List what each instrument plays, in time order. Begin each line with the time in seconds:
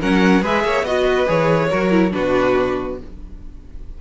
0.00 cello F#3, viola C#4, violin A#4 F#5
0.42 cello G#3, viola G#4, violin B4 E5
0.64 cello A#3, violin C#5
0.83 cello B3, viola F#4, violin D#5
1.04 violin B4
1.26 cello E3, viola G#4, violin C#5
1.70 cello F#3, viola F#4, violin A#4
1.91 viola E4
2.11 cello B2, viola D4, violin F#4 B4